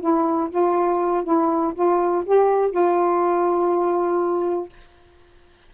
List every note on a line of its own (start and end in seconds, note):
0.00 0.50 E4
0.50 1.24 F4
1.24 1.73 E4
1.74 2.24 F4
2.25 2.71 G4
2.71 4.69 F4